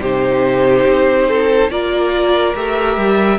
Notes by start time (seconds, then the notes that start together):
0.00 C3 D#4 G4 C5
0.87 C4
1.28 A4
1.69 A#3 F4 A#4 D5
2.55 A3 G4 E5
2.96 G3